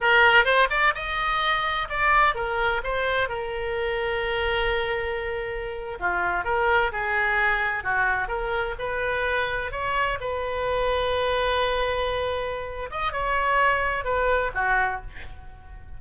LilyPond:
\new Staff \with { instrumentName = "oboe" } { \time 4/4 \tempo 4 = 128 ais'4 c''8 d''8 dis''2 | d''4 ais'4 c''4 ais'4~ | ais'1~ | ais'8. f'4 ais'4 gis'4~ gis'16~ |
gis'8. fis'4 ais'4 b'4~ b'16~ | b'8. cis''4 b'2~ b'16~ | b'2.~ b'8 dis''8 | cis''2 b'4 fis'4 | }